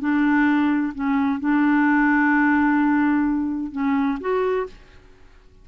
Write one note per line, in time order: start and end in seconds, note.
0.00 0.93 D4
0.95 1.40 C#4
1.40 3.72 D4
3.72 4.19 C#4
4.20 4.67 F#4